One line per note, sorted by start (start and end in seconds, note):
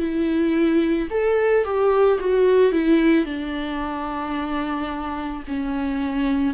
0.00 1.09 E4
1.11 1.65 A4
1.65 2.20 G4
2.20 2.73 F#4
2.73 3.26 E4
3.26 5.44 D4
5.48 6.55 C#4